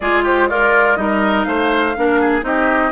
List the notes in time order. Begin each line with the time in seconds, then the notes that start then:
0.00 G#3 F4 G#4 D5
0.23 G4 C5
0.49 F4 A#4 D5
0.96 G3 D#4 A#4 D#5
1.43 A3 C5 F5
1.97 A#3 D4 A#4
2.20 G#4
2.42 C4 D#4 G4 D#5